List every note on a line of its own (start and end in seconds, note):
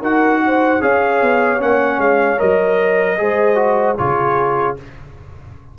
0.00 0.80 D#4
0.00 0.81 F#4
0.00 0.39 A#4
0.00 0.82 F#5
0.46 0.82 C5
0.81 1.21 C#4
0.81 1.59 G#4
0.81 3.19 C#5
0.81 1.61 F5
1.22 1.61 B3
1.59 1.98 A#3
1.59 2.37 C#4
1.59 2.00 F#5
1.98 2.37 G#3
1.98 2.39 F5
2.37 3.20 F#3
2.37 3.16 A#4
2.37 3.97 D#5
3.17 3.99 G#3
3.17 3.55 G#4
3.17 3.99 C5
3.55 3.95 F#4
3.97 4.78 C#3
3.97 4.76 F4
3.97 4.78 G#4
3.97 4.76 C#5